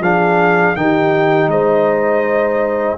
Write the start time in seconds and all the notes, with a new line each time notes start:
0.00 F3 D4 G#4 F5
0.75 D#3 D#4 G4 G5
1.47 G#3 C5 D#5